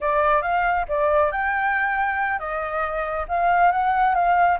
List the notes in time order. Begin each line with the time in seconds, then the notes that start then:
0.00 D5
0.42 F5
0.88 D5
1.31 G5
2.39 D#5
3.28 F5
3.71 F#5
4.15 F5